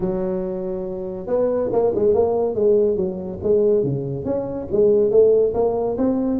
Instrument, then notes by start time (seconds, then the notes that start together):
tuba
0.00 F#3
1.27 B3
1.72 A#3
1.95 G#3
2.14 A#3
2.54 G#3
2.96 F#3
3.43 G#3
3.83 C#3
4.25 C#4
4.72 G#3
5.10 A3
5.54 A#3
5.97 C4